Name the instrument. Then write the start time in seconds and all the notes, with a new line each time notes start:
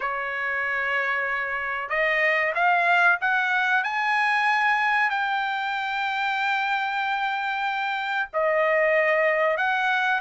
trumpet
0.00 C#5
1.89 D#5
2.54 F5
3.21 F#5
3.83 G#5
5.09 G5
8.33 D#5
9.57 F#5